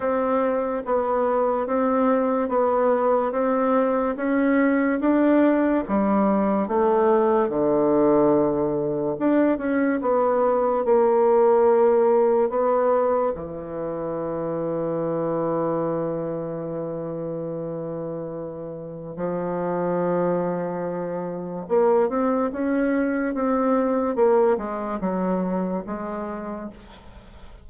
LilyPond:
\new Staff \with { instrumentName = "bassoon" } { \time 4/4 \tempo 4 = 72 c'4 b4 c'4 b4 | c'4 cis'4 d'4 g4 | a4 d2 d'8 cis'8 | b4 ais2 b4 |
e1~ | e2. f4~ | f2 ais8 c'8 cis'4 | c'4 ais8 gis8 fis4 gis4 | }